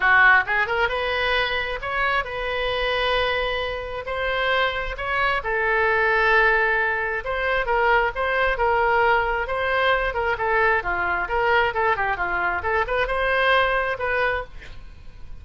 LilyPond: \new Staff \with { instrumentName = "oboe" } { \time 4/4 \tempo 4 = 133 fis'4 gis'8 ais'8 b'2 | cis''4 b'2.~ | b'4 c''2 cis''4 | a'1 |
c''4 ais'4 c''4 ais'4~ | ais'4 c''4. ais'8 a'4 | f'4 ais'4 a'8 g'8 f'4 | a'8 b'8 c''2 b'4 | }